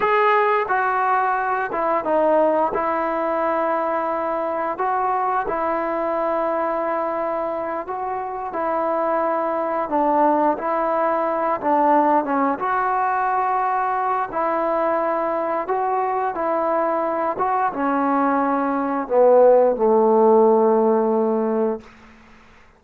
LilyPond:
\new Staff \with { instrumentName = "trombone" } { \time 4/4 \tempo 4 = 88 gis'4 fis'4. e'8 dis'4 | e'2. fis'4 | e'2.~ e'8 fis'8~ | fis'8 e'2 d'4 e'8~ |
e'4 d'4 cis'8 fis'4.~ | fis'4 e'2 fis'4 | e'4. fis'8 cis'2 | b4 a2. | }